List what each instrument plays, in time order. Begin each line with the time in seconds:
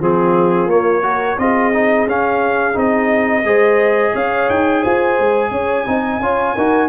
0.00 tuba F3, trombone C4, horn F4, trumpet G#4
0.66 tuba A#3, trombone A#3, trumpet C#5
1.02 trombone F#4, horn A#4
1.38 tuba C4, trombone F4, horn G#4, trumpet D#5
1.73 trombone D#4
2.06 tuba C#4, trombone C#4, trumpet F5
2.73 tuba C4, trombone D#4, trumpet D#5
3.43 tuba G#3, trombone G#4, horn C5
4.12 tuba C#4, horn C#5, trumpet F5
4.49 tuba D#4, trumpet G5
4.81 tuba F4, horn C5, trumpet G#5
5.19 tuba G#3
5.51 tuba C#4, horn C#5
5.86 tuba C4, trombone D#4, horn D#5
6.19 tuba C#4, trombone F4, horn C#5
6.54 tuba D#4, trombone F#4, horn A#4